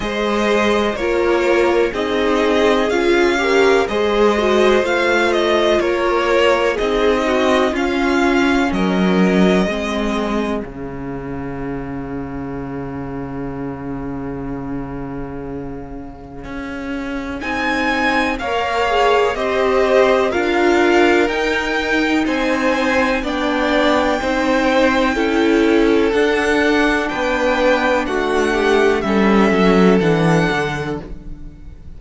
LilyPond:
<<
  \new Staff \with { instrumentName = "violin" } { \time 4/4 \tempo 4 = 62 dis''4 cis''4 dis''4 f''4 | dis''4 f''8 dis''8 cis''4 dis''4 | f''4 dis''2 f''4~ | f''1~ |
f''2 gis''4 f''4 | dis''4 f''4 g''4 gis''4 | g''2. fis''4 | g''4 fis''4 e''4 fis''4 | }
  \new Staff \with { instrumentName = "violin" } { \time 4/4 c''4 ais'4 gis'4. ais'8 | c''2 ais'4 gis'8 fis'8 | f'4 ais'4 gis'2~ | gis'1~ |
gis'2. cis''4 | c''4 ais'2 c''4 | d''4 c''4 a'2 | b'4 fis'8 g'8 a'2 | }
  \new Staff \with { instrumentName = "viola" } { \time 4/4 gis'4 f'4 dis'4 f'8 g'8 | gis'8 fis'8 f'2 dis'4 | cis'2 c'4 cis'4~ | cis'1~ |
cis'2 dis'4 ais'8 gis'8 | g'4 f'4 dis'2 | d'4 dis'4 e'4 d'4~ | d'2 cis'4 d'4 | }
  \new Staff \with { instrumentName = "cello" } { \time 4/4 gis4 ais4 c'4 cis'4 | gis4 a4 ais4 c'4 | cis'4 fis4 gis4 cis4~ | cis1~ |
cis4 cis'4 c'4 ais4 | c'4 d'4 dis'4 c'4 | b4 c'4 cis'4 d'4 | b4 a4 g8 fis8 e8 d8 | }
>>